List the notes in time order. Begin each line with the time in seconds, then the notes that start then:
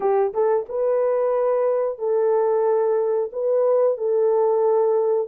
0.00 G4
0.33 A4
0.68 B4
1.98 A4
3.32 B4
3.97 A4